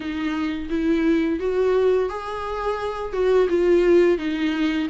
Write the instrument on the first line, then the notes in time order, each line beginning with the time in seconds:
viola
0.00 D#4
0.69 E4
1.39 F#4
2.09 G#4
3.12 F#4
3.49 F4
4.17 D#4